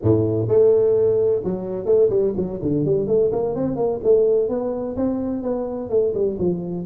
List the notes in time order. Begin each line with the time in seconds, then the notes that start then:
0.02 A2
0.47 A3
1.44 F#3
1.85 A3
2.09 G3
2.36 F#3
2.61 D3
2.85 G3
3.07 A3
3.32 A#3
3.55 C4
3.76 A#3
4.03 A3
4.49 B3
4.96 C4
5.42 B3
5.89 A3
6.14 G3
6.39 F3